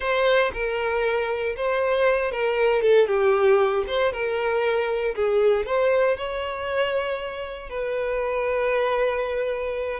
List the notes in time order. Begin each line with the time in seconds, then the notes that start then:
0.00 C5
0.53 A#4
1.56 C5
2.31 A#4
2.82 A4
3.07 G4
3.87 C5
4.12 A#4
5.15 G#4
5.65 C5
6.17 C#5
7.69 B4